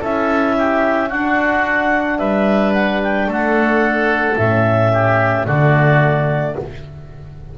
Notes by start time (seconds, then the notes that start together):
0.00 C#4 E4 A4 E5
0.58 G4
1.09 D4 F#4 F#5
2.18 G3 B4 E5
2.73 F#5
3.03 G5
3.27 A3 A4 F#5
4.37 A2 C#4 E5
4.93 G4
5.46 D3 A3 F#4 D5